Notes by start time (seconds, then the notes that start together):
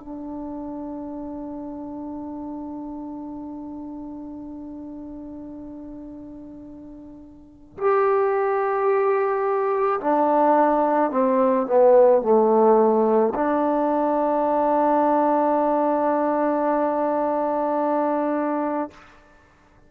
0.00 D4
7.78 G4
10.02 D4
11.11 C4
11.67 B3
12.23 A3
13.35 D4